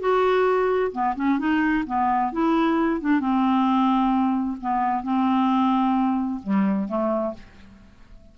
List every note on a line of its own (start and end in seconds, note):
0.00 0.92 F#4
0.92 1.15 B3
1.16 1.39 C#4
1.39 1.84 D#4
1.87 2.32 B3
2.33 3.01 E4
3.01 3.20 D4
3.20 4.57 C4
4.61 5.03 B3
5.03 6.41 C4
6.43 6.88 G3
6.88 7.34 A3